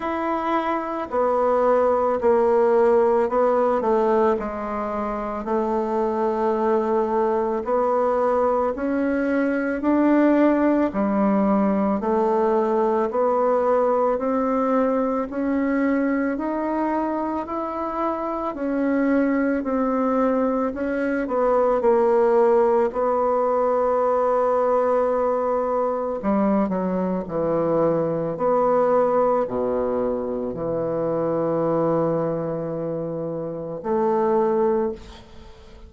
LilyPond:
\new Staff \with { instrumentName = "bassoon" } { \time 4/4 \tempo 4 = 55 e'4 b4 ais4 b8 a8 | gis4 a2 b4 | cis'4 d'4 g4 a4 | b4 c'4 cis'4 dis'4 |
e'4 cis'4 c'4 cis'8 b8 | ais4 b2. | g8 fis8 e4 b4 b,4 | e2. a4 | }